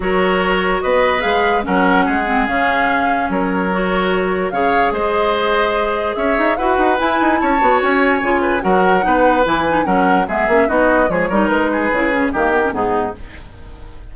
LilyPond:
<<
  \new Staff \with { instrumentName = "flute" } { \time 4/4 \tempo 4 = 146 cis''2 dis''4 f''4 | fis''2 f''2 | cis''2. f''4 | dis''2. e''4 |
fis''4 gis''4 a''4 gis''4~ | gis''4 fis''2 gis''4 | fis''4 e''4 dis''4 cis''4 | b'2 ais'4 gis'4 | }
  \new Staff \with { instrumentName = "oboe" } { \time 4/4 ais'2 b'2 | ais'4 gis'2. | ais'2. cis''4 | c''2. cis''4 |
b'2 cis''2~ | cis''8 b'8 ais'4 b'2 | ais'4 gis'4 fis'4 gis'8 ais'8~ | ais'8 gis'4. g'4 dis'4 | }
  \new Staff \with { instrumentName = "clarinet" } { \time 4/4 fis'2. gis'4 | cis'4. c'8 cis'2~ | cis'4 fis'2 gis'4~ | gis'1 |
fis'4 e'4. fis'4. | f'4 fis'4 dis'4 e'8 dis'8 | cis'4 b8 cis'8 dis'4 gis8 dis'8~ | dis'4 e'8 cis'8 ais8 b16 cis'16 b4 | }
  \new Staff \with { instrumentName = "bassoon" } { \time 4/4 fis2 b4 gis4 | fis4 gis4 cis2 | fis2. cis4 | gis2. cis'8 dis'8 |
e'8 dis'8 e'8 dis'8 cis'8 b8 cis'4 | cis4 fis4 b4 e4 | fis4 gis8 ais8 b4 f8 g8 | gis4 cis4 dis4 gis,4 | }
>>